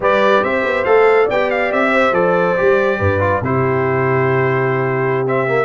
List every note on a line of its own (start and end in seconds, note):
0.00 0.42 G3
0.00 0.85 G4
0.00 0.43 B4
0.00 0.44 D5
0.43 0.64 C4
0.43 1.25 C5
0.43 0.84 E5
0.64 0.85 B3
0.84 1.29 A3
0.84 1.28 A4
0.84 1.27 F5
1.25 1.72 B3
1.25 1.89 D5
1.25 1.50 G5
1.32 2.12 G4
1.50 1.71 F5
1.72 2.11 C4
1.72 2.14 E5
1.92 2.98 C5
2.11 2.54 F3
2.11 2.55 A4
2.11 3.42 D5
2.57 2.99 G3
2.57 3.20 G4
2.98 3.41 G2
2.98 3.41 B4
3.20 3.41 F4
3.41 5.65 C3
3.41 5.26 E4
3.41 5.65 G4
3.41 5.26 C5
5.26 5.47 C4
5.26 5.65 E5
5.47 5.65 A#3